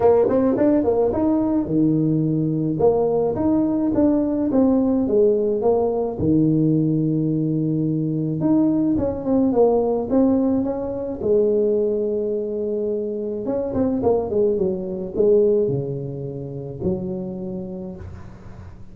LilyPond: \new Staff \with { instrumentName = "tuba" } { \time 4/4 \tempo 4 = 107 ais8 c'8 d'8 ais8 dis'4 dis4~ | dis4 ais4 dis'4 d'4 | c'4 gis4 ais4 dis4~ | dis2. dis'4 |
cis'8 c'8 ais4 c'4 cis'4 | gis1 | cis'8 c'8 ais8 gis8 fis4 gis4 | cis2 fis2 | }